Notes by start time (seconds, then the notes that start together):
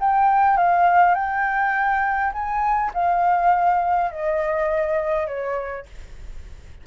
0.00 G5
0.57 F5
1.14 G5
2.33 G#5
2.94 F5
4.11 D#5
5.27 C#5